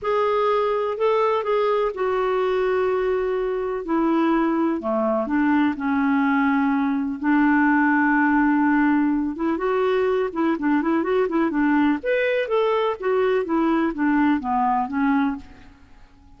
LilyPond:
\new Staff \with { instrumentName = "clarinet" } { \time 4/4 \tempo 4 = 125 gis'2 a'4 gis'4 | fis'1 | e'2 a4 d'4 | cis'2. d'4~ |
d'2.~ d'8 e'8 | fis'4. e'8 d'8 e'8 fis'8 e'8 | d'4 b'4 a'4 fis'4 | e'4 d'4 b4 cis'4 | }